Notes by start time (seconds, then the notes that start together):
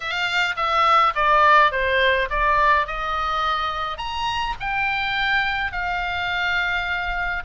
0.00 F5
0.56 E5
1.15 D5
1.71 C5
2.30 D5
2.86 D#5
3.97 A#5
4.60 G5
5.71 F5